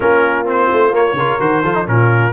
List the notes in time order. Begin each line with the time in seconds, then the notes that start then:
0.00 A#3 C#4 F4 A#4
0.45 C4 C5
0.72 A3
0.91 A#3 C#5
1.13 C#3 A#4
1.19 F4
1.39 D#3 F#4 C5
1.62 F3 F4 A4
1.73 D#4
1.86 A#2 C#4 F4 A#4